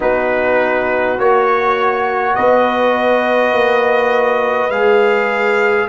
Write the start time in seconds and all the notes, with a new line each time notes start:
0.00 B3 D#4 F#4 B4
1.17 A#3 F#4 C#5
2.35 B3 B4 D#5
3.52 A#3
4.69 G#3 G#4 F5